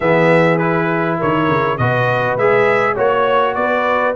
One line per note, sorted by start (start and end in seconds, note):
0.00 1.19 E3
0.00 0.60 B3
0.00 1.18 G#4
0.00 0.58 E5
0.58 1.79 E4
0.58 1.17 B4
1.18 1.48 D#3
1.18 1.78 A#4
1.18 1.77 C#5
1.48 1.77 C#3
1.77 2.36 B2
1.77 2.38 F#4
1.77 2.94 B4
1.77 2.37 D#5
2.36 2.96 G#3
2.36 2.95 G#4
2.36 2.97 E5
2.94 3.55 A#3
2.94 4.14 F#4
2.94 3.53 C#5
2.94 3.54 C#5
3.54 4.15 B3
3.54 4.15 B4
3.54 4.14 D5